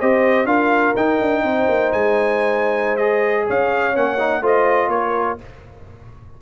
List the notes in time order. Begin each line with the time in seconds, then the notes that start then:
0.00 C4 G4 C5 D#5
0.45 D4 F4 A#4 F5
0.96 D#4 G5
1.21 D4
1.43 C4 C5
1.69 A#3
1.92 G#3 G#5
2.97 G#4 D#5
3.47 C#4 C#5 F5
3.94 A#3 C#4 F#5
4.19 D#4
4.41 A3 F4 C5 D#5
4.89 A#3 A#4 C#5